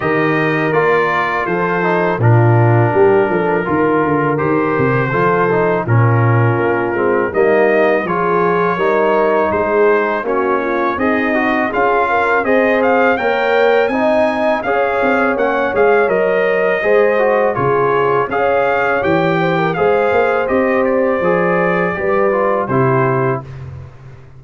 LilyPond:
<<
  \new Staff \with { instrumentName = "trumpet" } { \time 4/4 \tempo 4 = 82 dis''4 d''4 c''4 ais'4~ | ais'2 c''2 | ais'2 dis''4 cis''4~ | cis''4 c''4 cis''4 dis''4 |
f''4 dis''8 f''8 g''4 gis''4 | f''4 fis''8 f''8 dis''2 | cis''4 f''4 g''4 f''4 | dis''8 d''2~ d''8 c''4 | }
  \new Staff \with { instrumentName = "horn" } { \time 4/4 ais'2 a'4 f'4 | g'8 a'8 ais'2 a'4 | f'2 dis'4 gis'4 | ais'4 gis'4 fis'8 f'8 dis'4 |
gis'8 ais'8 c''4 cis''4 dis''4 | cis''2. c''4 | gis'4 cis''4. c''16 ais'16 c''4~ | c''2 b'4 g'4 | }
  \new Staff \with { instrumentName = "trombone" } { \time 4/4 g'4 f'4. dis'8 d'4~ | d'4 f'4 g'4 f'8 dis'8 | cis'4. c'8 ais4 f'4 | dis'2 cis'4 gis'8 fis'8 |
f'4 gis'4 ais'4 dis'4 | gis'4 cis'8 gis'8 ais'4 gis'8 fis'8 | f'4 gis'4 g'4 gis'4 | g'4 gis'4 g'8 f'8 e'4 | }
  \new Staff \with { instrumentName = "tuba" } { \time 4/4 dis4 ais4 f4 ais,4 | g8 f8 dis8 d8 dis8 c8 f4 | ais,4 ais8 gis8 g4 f4 | g4 gis4 ais4 c'4 |
cis'4 c'4 ais4 c'4 | cis'8 c'8 ais8 gis8 fis4 gis4 | cis4 cis'4 e4 gis8 ais8 | c'4 f4 g4 c4 | }
>>